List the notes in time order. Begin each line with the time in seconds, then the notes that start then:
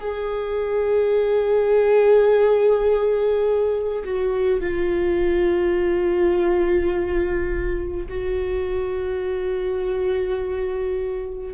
0.00 G#4
4.04 F#4
4.61 F4
8.09 F#4